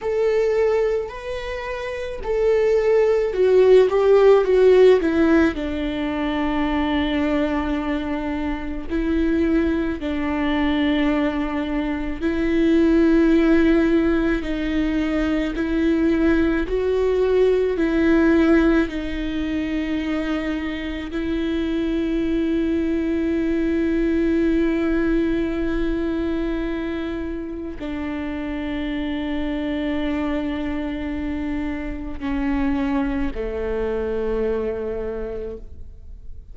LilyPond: \new Staff \with { instrumentName = "viola" } { \time 4/4 \tempo 4 = 54 a'4 b'4 a'4 fis'8 g'8 | fis'8 e'8 d'2. | e'4 d'2 e'4~ | e'4 dis'4 e'4 fis'4 |
e'4 dis'2 e'4~ | e'1~ | e'4 d'2.~ | d'4 cis'4 a2 | }